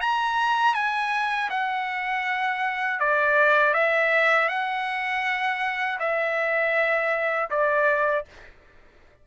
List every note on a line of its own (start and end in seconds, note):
0.00 0.74 A#5
0.74 1.49 G#5
1.50 2.99 F#5
2.99 3.73 D5
3.73 4.48 E5
4.48 5.98 F#5
5.99 7.49 E5
7.50 8.25 D5